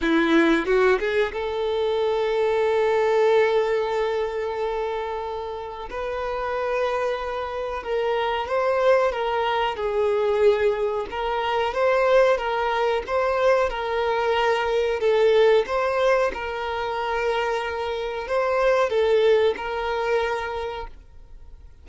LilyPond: \new Staff \with { instrumentName = "violin" } { \time 4/4 \tempo 4 = 92 e'4 fis'8 gis'8 a'2~ | a'1~ | a'4 b'2. | ais'4 c''4 ais'4 gis'4~ |
gis'4 ais'4 c''4 ais'4 | c''4 ais'2 a'4 | c''4 ais'2. | c''4 a'4 ais'2 | }